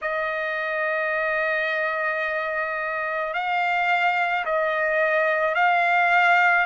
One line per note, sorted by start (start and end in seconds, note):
0.01 3.33 D#5
3.33 4.44 F5
4.45 5.55 D#5
5.55 6.66 F5